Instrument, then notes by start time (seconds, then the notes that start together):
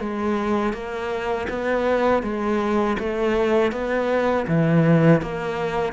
cello
0.00 G#3
0.73 A#3
1.49 B3
2.23 G#3
3.00 A3
3.72 B3
4.48 E3
5.22 A#3